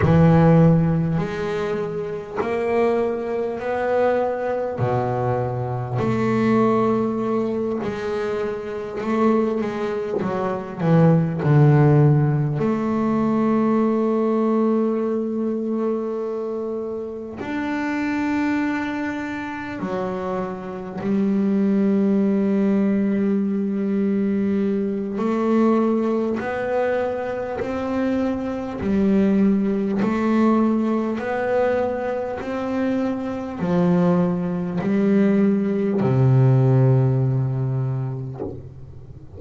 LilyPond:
\new Staff \with { instrumentName = "double bass" } { \time 4/4 \tempo 4 = 50 e4 gis4 ais4 b4 | b,4 a4. gis4 a8 | gis8 fis8 e8 d4 a4.~ | a2~ a8 d'4.~ |
d'8 fis4 g2~ g8~ | g4 a4 b4 c'4 | g4 a4 b4 c'4 | f4 g4 c2 | }